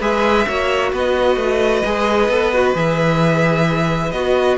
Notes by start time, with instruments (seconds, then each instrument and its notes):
0.00 cello G#3, viola G#4, violin B4 E5
0.48 cello A#3, viola F#4, violin C#5
0.92 cello B3, violin B4 D#5
1.37 cello A3
1.85 cello G#3, viola G#4
2.29 cello B3, viola A4
2.54 viola F#4
2.75 cello E3, viola G#4, violin E5
4.12 cello B3, viola F#4, violin D#5